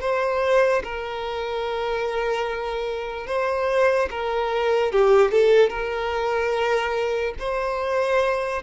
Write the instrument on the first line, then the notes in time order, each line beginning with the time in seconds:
violin
0.00 C5
0.83 A#4
3.27 C5
4.10 A#4
4.91 G4
5.31 A4
5.69 A#4
7.39 C5